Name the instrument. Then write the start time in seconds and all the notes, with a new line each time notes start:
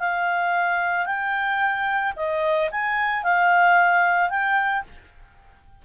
clarinet
0.00 F5
1.06 G5
2.17 D#5
2.72 G#5
3.24 F5
4.30 G5